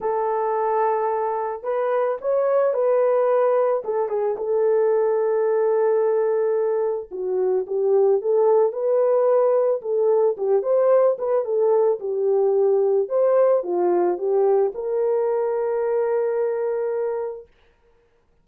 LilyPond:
\new Staff \with { instrumentName = "horn" } { \time 4/4 \tempo 4 = 110 a'2. b'4 | cis''4 b'2 a'8 gis'8 | a'1~ | a'4 fis'4 g'4 a'4 |
b'2 a'4 g'8 c''8~ | c''8 b'8 a'4 g'2 | c''4 f'4 g'4 ais'4~ | ais'1 | }